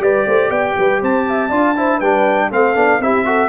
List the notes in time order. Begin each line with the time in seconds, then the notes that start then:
0.00 G3 G4 B4 D5
0.27 A3 C5
0.49 B3 D5 G5
0.78 G3 B4
1.01 C4 C5 A5
1.29 E5
1.49 D4 F4 D5
1.76 E4 C5
1.98 G3 D4 B4 G5
2.51 A3 C4 A4 F5
2.75 B3 D4
3.00 C4 E4 G4 E5
3.25 F#4 A4